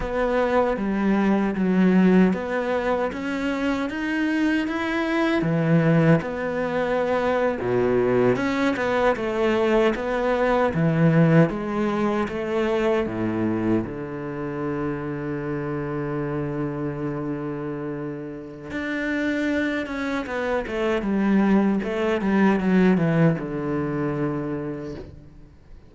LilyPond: \new Staff \with { instrumentName = "cello" } { \time 4/4 \tempo 4 = 77 b4 g4 fis4 b4 | cis'4 dis'4 e'4 e4 | b4.~ b16 b,4 cis'8 b8 a16~ | a8. b4 e4 gis4 a16~ |
a8. a,4 d2~ d16~ | d1 | d'4. cis'8 b8 a8 g4 | a8 g8 fis8 e8 d2 | }